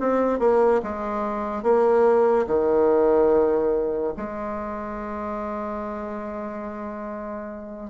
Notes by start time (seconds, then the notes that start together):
0.00 C4
0.39 A#3
0.83 G#3
1.63 A#3
2.47 D#3
4.17 G#3